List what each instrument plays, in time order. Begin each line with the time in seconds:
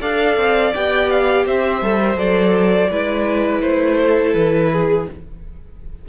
0.00 cello D4, viola A4, violin D5 F5
0.37 cello C4
0.74 cello B3, viola G4, violin G5
1.10 violin F5
1.45 cello C4, violin C5 E5
1.81 cello G3, viola A4
2.02 viola A#4
2.16 cello F#3, viola A4, violin D5
2.90 cello G#3, viola E4, violin B4
3.61 cello A3, violin C5
4.02 violin A4
4.33 cello E3, violin B4
4.72 violin G#4